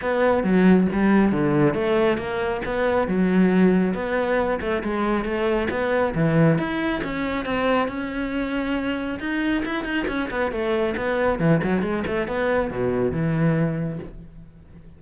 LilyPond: \new Staff \with { instrumentName = "cello" } { \time 4/4 \tempo 4 = 137 b4 fis4 g4 d4 | a4 ais4 b4 fis4~ | fis4 b4. a8 gis4 | a4 b4 e4 e'4 |
cis'4 c'4 cis'2~ | cis'4 dis'4 e'8 dis'8 cis'8 b8 | a4 b4 e8 fis8 gis8 a8 | b4 b,4 e2 | }